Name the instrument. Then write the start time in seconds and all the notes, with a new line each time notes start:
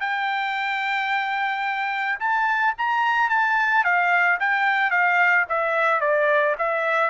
trumpet
0.00 G5
2.19 A5
2.78 A#5
3.29 A5
3.84 F5
4.39 G5
4.90 F5
5.49 E5
6.00 D5
6.58 E5